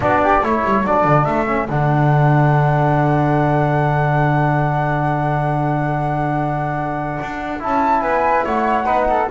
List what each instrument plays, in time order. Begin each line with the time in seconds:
0.00 double bass B3, trombone D4, flute F#4 D5
0.23 flute G4
0.42 double bass A3, trombone E4, flute A4 C#5
0.64 double bass G3
0.83 double bass F#3, trombone D4, flute D5
1.04 double bass D3
1.24 double bass A3, flute E5
1.46 trombone C#4
1.69 double bass D3, trombone D4, flute F#5
7.21 double bass D4
7.59 double bass C#4, trombone E4, flute A5
8.01 double bass B3, flute B4 G#5
8.44 double bass A3, flute C#5 F#5
8.85 double bass B3, trombone D#4, flute B4
9.09 flute A4